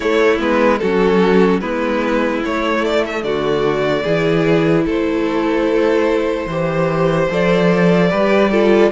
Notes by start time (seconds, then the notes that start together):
0.00 A3 E4 C#5
0.38 G#3 B3 B4
0.78 F#3 C#4 F#4 A4
1.60 G#3 B3 E4 B4
2.44 A3 C#5
2.84 D5
3.05 E5
3.22 D3 F#4 D5
4.03 E3 E4 G#4
4.85 A3 A4 C5
6.45 E3 G4 C5
7.30 F3 A4 D5
8.10 G3 G4 B4
8.51 F4 A4